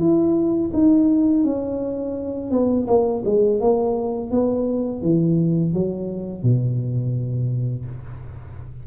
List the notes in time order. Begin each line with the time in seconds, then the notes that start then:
0.00 E4
0.74 D#4
1.44 C#4
2.51 B3
2.88 A#3
3.25 G#3
3.61 A#3
4.31 B3
5.03 E3
5.74 F#3
6.43 B2